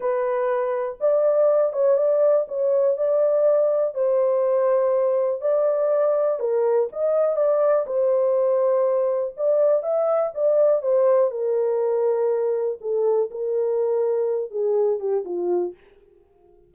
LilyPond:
\new Staff \with { instrumentName = "horn" } { \time 4/4 \tempo 4 = 122 b'2 d''4. cis''8 | d''4 cis''4 d''2 | c''2. d''4~ | d''4 ais'4 dis''4 d''4 |
c''2. d''4 | e''4 d''4 c''4 ais'4~ | ais'2 a'4 ais'4~ | ais'4. gis'4 g'8 f'4 | }